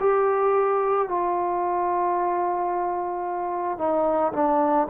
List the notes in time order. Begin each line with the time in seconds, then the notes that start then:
0.00 G4
1.08 F4
3.78 D#4
4.33 D4